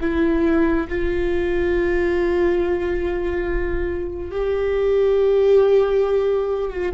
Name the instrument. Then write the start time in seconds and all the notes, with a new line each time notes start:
viola
0.00 E4
0.88 F4
4.31 G4
6.70 F4